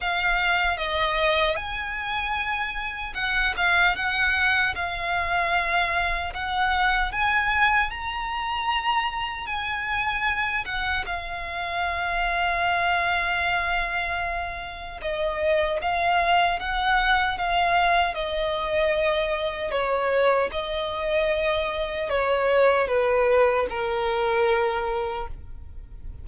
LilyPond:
\new Staff \with { instrumentName = "violin" } { \time 4/4 \tempo 4 = 76 f''4 dis''4 gis''2 | fis''8 f''8 fis''4 f''2 | fis''4 gis''4 ais''2 | gis''4. fis''8 f''2~ |
f''2. dis''4 | f''4 fis''4 f''4 dis''4~ | dis''4 cis''4 dis''2 | cis''4 b'4 ais'2 | }